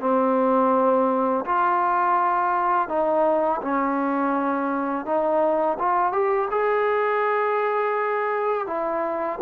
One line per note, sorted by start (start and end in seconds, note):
0.00 1.45 C4
1.45 2.88 F4
2.88 3.60 D#4
3.61 5.05 C#4
5.05 5.78 D#4
5.79 6.12 F4
6.12 6.48 G4
6.51 8.66 G#4
8.66 9.39 E4